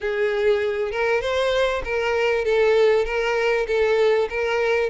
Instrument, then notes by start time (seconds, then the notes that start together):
violin
0.00 G#4
0.91 A#4
1.21 C5
1.84 A#4
2.44 A4
3.05 A#4
3.67 A4
4.29 A#4